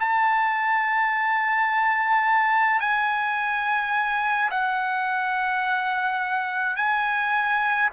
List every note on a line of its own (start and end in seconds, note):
0.00 2.80 A5
2.80 4.50 G#5
4.50 6.76 F#5
6.76 7.89 G#5